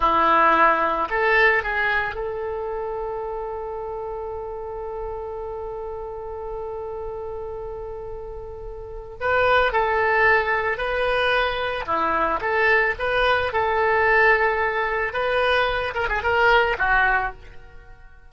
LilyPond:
\new Staff \with { instrumentName = "oboe" } { \time 4/4 \tempo 4 = 111 e'2 a'4 gis'4 | a'1~ | a'1~ | a'1~ |
a'4 b'4 a'2 | b'2 e'4 a'4 | b'4 a'2. | b'4. ais'16 gis'16 ais'4 fis'4 | }